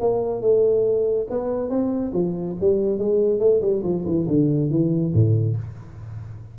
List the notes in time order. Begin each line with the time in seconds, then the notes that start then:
0.00 A#3
0.41 A3
1.30 B3
1.70 C4
2.13 F3
2.61 G3
2.99 G#3
3.40 A3
3.61 G3
3.84 F3
4.06 E3
4.28 D3
4.70 E3
5.14 A2